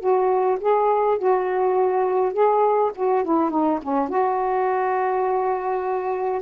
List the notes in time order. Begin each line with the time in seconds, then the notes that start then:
0.00 F#4
0.60 G#4
1.18 F#4
2.33 G#4
2.95 F#4
3.24 E4
3.50 D#4
3.82 C#4
4.09 F#4